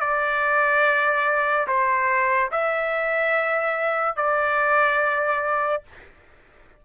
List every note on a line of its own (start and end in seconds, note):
0.00 1.67 D5
1.67 2.50 C5
2.51 4.16 E5
4.16 5.83 D5